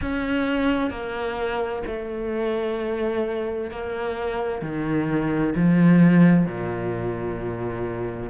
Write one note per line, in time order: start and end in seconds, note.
0.01 0.90 C#4
0.90 1.83 A#3
1.86 3.70 A3
3.70 4.62 A#3
4.62 5.54 D#3
5.55 6.46 F3
6.46 8.30 A#2